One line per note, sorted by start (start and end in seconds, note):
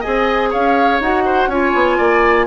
0.00 0.54 C4
0.00 1.01 G#4
0.00 0.49 D#5
0.00 0.51 G#5
0.50 1.00 C#4
0.50 1.23 C#5
0.50 1.01 F5
1.00 1.47 D#4
1.00 1.50 F#4
1.00 1.50 F#5
1.25 1.49 C5
1.47 1.71 C#4
1.47 2.46 F4
1.47 1.97 C#5
1.47 2.46 G#5
1.74 1.98 B3
1.97 2.46 A#3
1.97 2.46 D5